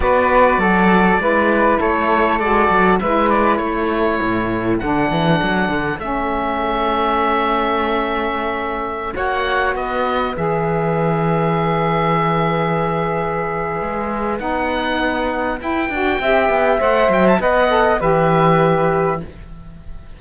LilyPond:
<<
  \new Staff \with { instrumentName = "oboe" } { \time 4/4 \tempo 4 = 100 d''2. cis''4 | d''4 e''8 d''8 cis''2 | fis''2 e''2~ | e''2.~ e''16 fis''8.~ |
fis''16 dis''4 e''2~ e''8.~ | e''1 | fis''2 g''2 | fis''8 g''16 a''16 fis''4 e''2 | }
  \new Staff \with { instrumentName = "flute" } { \time 4/4 b'4 a'4 b'4 a'4~ | a'4 b'4 a'2~ | a'1~ | a'2.~ a'16 cis''8.~ |
cis''16 b'2.~ b'8.~ | b'1~ | b'2. e''4~ | e''4 dis''4 b'2 | }
  \new Staff \with { instrumentName = "saxophone" } { \time 4/4 fis'2 e'2 | fis'4 e'2. | d'2 cis'2~ | cis'2.~ cis'16 fis'8.~ |
fis'4~ fis'16 gis'2~ gis'8.~ | gis'1 | dis'2 e'8 fis'8 g'4 | c''4 b'8 a'8 g'2 | }
  \new Staff \with { instrumentName = "cello" } { \time 4/4 b4 fis4 gis4 a4 | gis8 fis8 gis4 a4 a,4 | d8 e8 fis8 d8 a2~ | a2.~ a16 ais8.~ |
ais16 b4 e2~ e8.~ | e2. gis4 | b2 e'8 d'8 c'8 b8 | a8 fis8 b4 e2 | }
>>